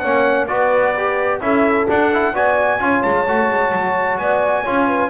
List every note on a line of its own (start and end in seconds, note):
0.00 0.49 A#3
0.00 0.49 C#4
0.00 0.48 C#5
0.00 0.46 F#5
0.48 1.41 B3
0.48 0.95 F#4
0.48 1.40 B4
0.48 1.40 D5
0.97 1.41 G4
1.41 1.87 C#4
1.41 1.87 E4
1.41 2.35 A4
1.41 1.87 E5
1.88 2.12 D4
1.88 2.33 D4
1.88 2.36 F#5
2.14 2.35 E4
2.33 2.79 B3
2.33 2.80 F#4
2.33 2.81 D5
2.33 3.03 G#5
2.80 3.03 C#4
2.80 3.26 F4
2.80 4.21 C#5
3.03 3.27 G#3
3.03 4.18 A5
3.27 3.50 A3
3.27 4.66 F#4
3.50 3.73 G#3
3.73 4.19 F#3
4.18 4.65 B3
4.18 4.63 D5
4.18 5.10 G#5
4.63 5.10 C#4
4.63 5.10 F4
4.63 4.86 C#5
4.87 5.10 B4